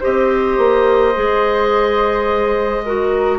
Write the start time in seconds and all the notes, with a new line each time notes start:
0.00 C4 G4 C5 D#5
0.58 A#3
1.14 G#3 G#4
2.84 F#4 A#4